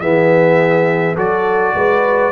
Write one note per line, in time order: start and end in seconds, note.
0.00 1.16 E3
0.00 1.17 B3
0.00 1.15 G#4
0.00 1.15 E5
1.15 1.74 F#3
1.15 2.32 F#4
1.15 1.73 A4
1.15 2.32 D5
1.74 2.32 G#3
1.74 2.32 B4